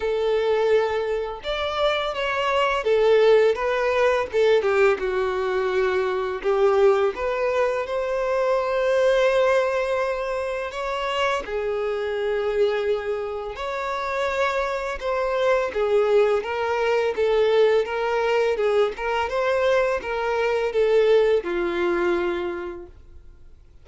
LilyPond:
\new Staff \with { instrumentName = "violin" } { \time 4/4 \tempo 4 = 84 a'2 d''4 cis''4 | a'4 b'4 a'8 g'8 fis'4~ | fis'4 g'4 b'4 c''4~ | c''2. cis''4 |
gis'2. cis''4~ | cis''4 c''4 gis'4 ais'4 | a'4 ais'4 gis'8 ais'8 c''4 | ais'4 a'4 f'2 | }